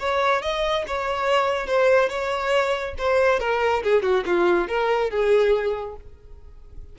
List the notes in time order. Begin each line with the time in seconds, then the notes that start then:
0.00 C#5
0.42 D#5
0.87 C#5
1.67 C5
2.10 C#5
2.99 C5
3.40 A#4
3.83 G#4
4.03 F#4
4.27 F4
4.69 A#4
5.11 G#4